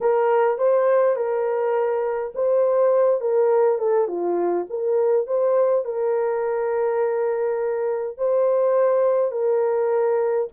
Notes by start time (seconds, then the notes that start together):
0.00 A#4
0.57 C5
1.16 A#4
2.34 C5
3.20 A#4
3.78 A4
4.07 F4
4.69 A#4
5.26 C5
5.84 A#4
8.17 C5
9.31 A#4